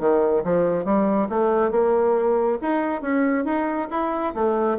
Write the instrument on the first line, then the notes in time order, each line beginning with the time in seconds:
bassoon
0.00 D#3
0.44 F3
0.85 G3
1.30 A3
1.72 A#3
2.62 D#4
3.02 C#4
3.45 D#4
3.91 E4
4.35 A3